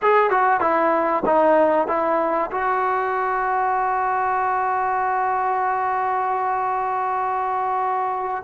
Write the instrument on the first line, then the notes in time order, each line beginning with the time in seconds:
trombone
0.02 G#4
0.30 F#4
0.60 E4
1.25 D#4
1.88 E4
2.51 F#4